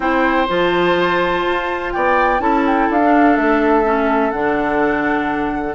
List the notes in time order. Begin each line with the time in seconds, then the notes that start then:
0.00 C4 E4 C5 G5
0.47 F3 F4 A5
1.46 F4
1.92 B3 D5 G5
2.39 C#4 E4 A4 A5
2.66 G5
2.90 D4 F5
3.03 D4
3.36 A3 E5
3.84 C#4
4.30 D3 D4 F#5